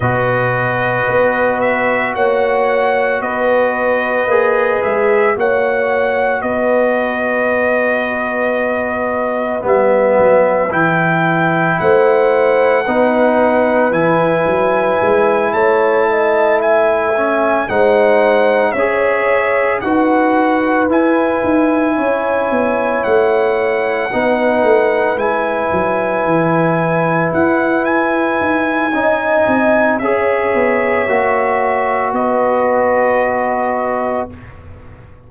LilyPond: <<
  \new Staff \with { instrumentName = "trumpet" } { \time 4/4 \tempo 4 = 56 dis''4. e''8 fis''4 dis''4~ | dis''8 e''8 fis''4 dis''2~ | dis''4 e''4 g''4 fis''4~ | fis''4 gis''4. a''4 gis''8~ |
gis''8 fis''4 e''4 fis''4 gis''8~ | gis''4. fis''2 gis''8~ | gis''4. fis''8 gis''2 | e''2 dis''2 | }
  \new Staff \with { instrumentName = "horn" } { \time 4/4 b'2 cis''4 b'4~ | b'4 cis''4 b'2~ | b'2. c''4 | b'2~ b'8 cis''8 dis''8 e''8~ |
e''8 c''4 cis''4 b'4.~ | b'8 cis''2 b'4.~ | b'2. dis''4 | cis''2 b'2 | }
  \new Staff \with { instrumentName = "trombone" } { \time 4/4 fis'1 | gis'4 fis'2.~ | fis'4 b4 e'2 | dis'4 e'2. |
cis'8 dis'4 gis'4 fis'4 e'8~ | e'2~ e'8 dis'4 e'8~ | e'2. dis'4 | gis'4 fis'2. | }
  \new Staff \with { instrumentName = "tuba" } { \time 4/4 b,4 b4 ais4 b4 | ais8 gis8 ais4 b2~ | b4 g8 fis8 e4 a4 | b4 e8 fis8 gis8 a4.~ |
a8 gis4 cis'4 dis'4 e'8 | dis'8 cis'8 b8 a4 b8 a8 gis8 | fis8 e4 e'4 dis'8 cis'8 c'8 | cis'8 b8 ais4 b2 | }
>>